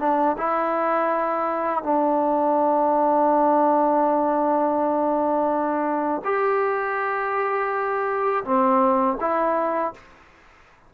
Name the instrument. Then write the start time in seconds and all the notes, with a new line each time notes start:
trombone
0.00 D4
0.38 E4
1.83 D4
6.25 G4
8.45 C4
9.21 E4